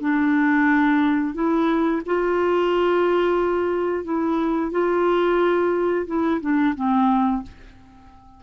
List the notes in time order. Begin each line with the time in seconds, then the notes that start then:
0.00 D4
1.34 E4
2.06 F4
4.04 E4
4.71 F4
6.06 E4
6.41 D4
6.75 C4